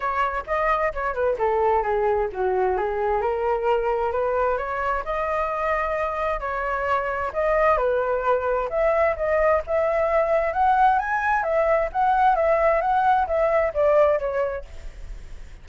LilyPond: \new Staff \with { instrumentName = "flute" } { \time 4/4 \tempo 4 = 131 cis''4 dis''4 cis''8 b'8 a'4 | gis'4 fis'4 gis'4 ais'4~ | ais'4 b'4 cis''4 dis''4~ | dis''2 cis''2 |
dis''4 b'2 e''4 | dis''4 e''2 fis''4 | gis''4 e''4 fis''4 e''4 | fis''4 e''4 d''4 cis''4 | }